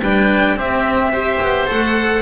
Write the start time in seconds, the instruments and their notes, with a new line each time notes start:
0.00 double bass G3, cello D4, oboe B4, violin G5
0.55 double bass C4, cello C4, oboe G4, violin E5
1.12 cello G4, oboe C5
1.42 double bass B3
1.67 double bass A3, cello A4, violin F#5